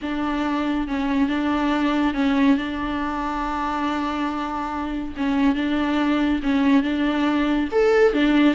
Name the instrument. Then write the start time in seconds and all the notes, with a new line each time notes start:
viola
0.02 D4
0.87 C#4
1.29 D4
2.14 C#4
2.57 D4
5.16 C#4
5.55 D4
6.42 C#4
6.83 D4
7.71 A4
8.13 D4